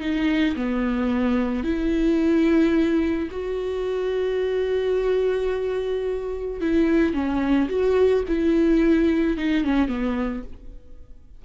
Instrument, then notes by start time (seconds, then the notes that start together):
viola
0.00 D#4
0.56 B3
1.64 E4
3.31 F#4
6.61 E4
7.13 C#4
7.69 F#4
8.28 E4
9.37 D#4
9.64 C#4
9.88 B3